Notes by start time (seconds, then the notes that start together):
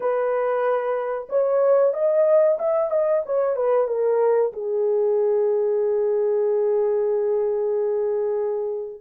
0.00 B4
1.29 C#5
1.93 D#5
2.58 E5
2.90 D#5
3.25 C#5
3.56 B4
3.87 A#4
4.52 G#4